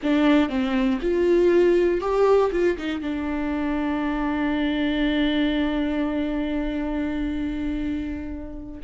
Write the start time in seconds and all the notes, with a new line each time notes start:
0.02 D4
0.49 C4
1.01 F4
2.00 G4
2.52 F4
2.77 D#4
3.01 D4